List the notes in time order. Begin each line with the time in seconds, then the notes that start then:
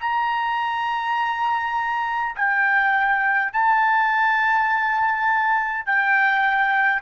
0.00 A#5
2.36 G5
3.52 A5
5.86 G5